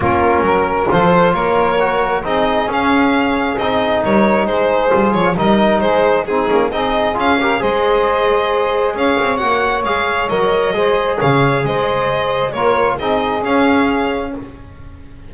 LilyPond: <<
  \new Staff \with { instrumentName = "violin" } { \time 4/4 \tempo 4 = 134 ais'2 c''4 cis''4~ | cis''4 dis''4 f''2 | dis''4 cis''4 c''4. cis''8 | dis''4 c''4 gis'4 dis''4 |
f''4 dis''2. | f''4 fis''4 f''4 dis''4~ | dis''4 f''4 dis''2 | cis''4 dis''4 f''2 | }
  \new Staff \with { instrumentName = "saxophone" } { \time 4/4 f'4 ais'4 a'4 ais'4~ | ais'4 gis'2.~ | gis'4 ais'4 gis'2 | ais'4 gis'4 dis'4 gis'4~ |
gis'8 ais'8 c''2. | cis''1 | c''4 cis''4 c''2 | ais'4 gis'2. | }
  \new Staff \with { instrumentName = "trombone" } { \time 4/4 cis'2 f'2 | fis'4 dis'4 cis'2 | dis'2. f'4 | dis'2 c'8 cis'8 dis'4 |
f'8 g'8 gis'2.~ | gis'4 fis'4 gis'4 ais'4 | gis'1 | f'4 dis'4 cis'2 | }
  \new Staff \with { instrumentName = "double bass" } { \time 4/4 ais4 fis4 f4 ais4~ | ais4 c'4 cis'2 | c'4 g4 gis4 g8 f8 | g4 gis4. ais8 c'4 |
cis'4 gis2. | cis'8 c'8 ais4 gis4 fis4 | gis4 cis4 gis2 | ais4 c'4 cis'2 | }
>>